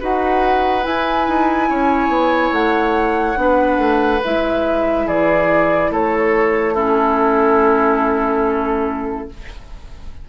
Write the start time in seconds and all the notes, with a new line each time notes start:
0.00 D#4 F#4 B4 F#5
0.83 E4 G#5
1.28 D#4
1.69 C#4 C#5
2.08 B3
2.52 A3 F#5
3.36 B3 D4 B4
3.78 A3
4.24 G#3 E4 E5
5.07 E3 G#4 D5
5.90 A3 A4 C#5
6.74 C#4 E4 A4